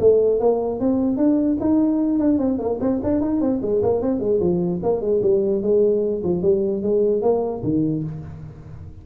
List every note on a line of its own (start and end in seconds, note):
0.00 0.40 A3
0.40 0.80 A#3
0.80 1.17 C4
1.17 1.58 D4
1.61 2.19 D#4
2.19 2.38 D4
2.38 2.59 C4
2.59 2.79 A#3
2.81 3.01 C4
3.03 3.21 D4
3.21 3.41 D#4
3.41 3.61 C4
3.62 3.82 G#3
3.83 4.02 A#3
4.02 4.20 C4
4.20 4.40 G#3
4.40 4.81 F3
4.83 5.01 A#3
5.01 5.21 G#3
5.22 5.62 G3
5.62 6.23 G#3
6.24 6.42 F3
6.42 6.83 G3
6.83 7.22 G#3
7.22 7.62 A#3
7.64 8.04 D#3